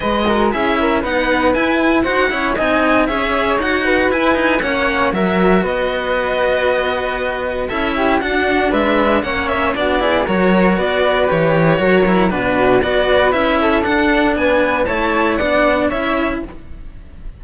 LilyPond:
<<
  \new Staff \with { instrumentName = "violin" } { \time 4/4 \tempo 4 = 117 dis''4 e''4 fis''4 gis''4 | fis''4 gis''4 e''4 fis''4 | gis''4 fis''4 e''4 dis''4~ | dis''2. e''4 |
fis''4 e''4 fis''8 e''8 d''4 | cis''4 d''4 cis''2 | b'4 d''4 e''4 fis''4 | gis''4 a''4 fis''4 e''4 | }
  \new Staff \with { instrumentName = "flute" } { \time 4/4 b'8 ais'8 gis'8 ais'8 b'2 | c''8 cis''8 dis''4 cis''4. b'8~ | b'4 cis''4 ais'4 b'4~ | b'2. a'8 g'8 |
fis'4 b'4 cis''4 fis'8 gis'8 | ais'4 b'2 ais'4 | fis'4 b'4. a'4. | b'4 cis''4 d''4 cis''4 | }
  \new Staff \with { instrumentName = "cello" } { \time 4/4 gis'8 fis'8 e'4 dis'4 e'4 | fis'8 e'8 dis'4 gis'4 fis'4 | e'8 dis'8 cis'4 fis'2~ | fis'2. e'4 |
d'2 cis'4 d'8 e'8 | fis'2 g'4 fis'8 e'8 | d'4 fis'4 e'4 d'4~ | d'4 e'4 d'4 e'4 | }
  \new Staff \with { instrumentName = "cello" } { \time 4/4 gis4 cis'4 b4 e'4 | dis'8 cis'8 c'4 cis'4 dis'4 | e'4 ais4 fis4 b4~ | b2. cis'4 |
d'4 gis4 ais4 b4 | fis4 b4 e4 fis4 | b,4 b4 cis'4 d'4 | b4 a4 b4 cis'4 | }
>>